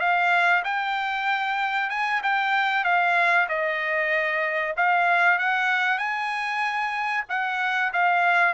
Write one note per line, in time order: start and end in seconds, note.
0.00 0.63 F5
0.64 1.90 G5
1.90 2.21 G#5
2.23 2.84 G5
2.84 3.47 F5
3.49 4.75 D#5
4.77 5.39 F5
5.39 5.98 F#5
5.98 7.24 G#5
7.29 7.92 F#5
7.93 8.53 F5